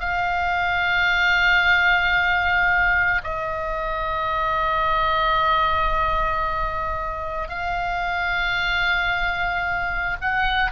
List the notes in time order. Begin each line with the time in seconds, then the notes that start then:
0.00 F5
3.24 D#5
7.49 F5
10.21 F#5